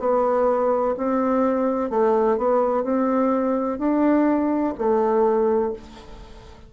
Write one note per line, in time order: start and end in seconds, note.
0.00 0.95 B3
0.98 1.90 C4
1.90 2.38 A3
2.38 2.84 B3
2.84 3.79 C4
3.79 4.74 D4
4.79 5.74 A3